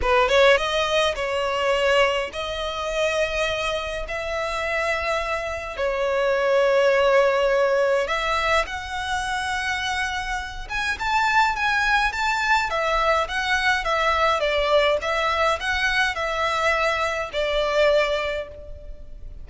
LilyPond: \new Staff \with { instrumentName = "violin" } { \time 4/4 \tempo 4 = 104 b'8 cis''8 dis''4 cis''2 | dis''2. e''4~ | e''2 cis''2~ | cis''2 e''4 fis''4~ |
fis''2~ fis''8 gis''8 a''4 | gis''4 a''4 e''4 fis''4 | e''4 d''4 e''4 fis''4 | e''2 d''2 | }